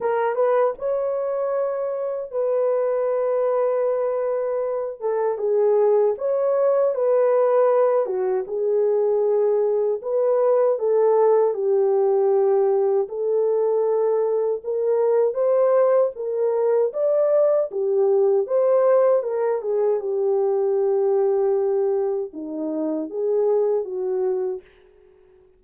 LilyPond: \new Staff \with { instrumentName = "horn" } { \time 4/4 \tempo 4 = 78 ais'8 b'8 cis''2 b'4~ | b'2~ b'8 a'8 gis'4 | cis''4 b'4. fis'8 gis'4~ | gis'4 b'4 a'4 g'4~ |
g'4 a'2 ais'4 | c''4 ais'4 d''4 g'4 | c''4 ais'8 gis'8 g'2~ | g'4 dis'4 gis'4 fis'4 | }